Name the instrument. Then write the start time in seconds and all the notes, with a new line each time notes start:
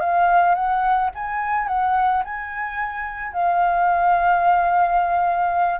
flute
0.00 F5
0.55 F#5
1.15 G#5
1.68 F#5
2.24 G#5
3.33 F5